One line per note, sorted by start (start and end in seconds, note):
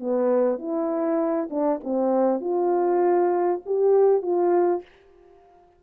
0.00 0.59 B3
0.59 1.49 E4
1.51 1.81 D4
1.84 2.41 C4
2.41 3.61 F4
3.66 4.22 G4
4.22 4.82 F4